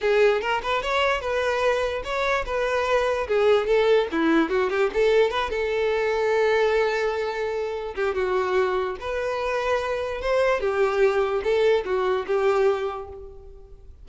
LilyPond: \new Staff \with { instrumentName = "violin" } { \time 4/4 \tempo 4 = 147 gis'4 ais'8 b'8 cis''4 b'4~ | b'4 cis''4 b'2 | gis'4 a'4 e'4 fis'8 g'8 | a'4 b'8 a'2~ a'8~ |
a'2.~ a'8 g'8 | fis'2 b'2~ | b'4 c''4 g'2 | a'4 fis'4 g'2 | }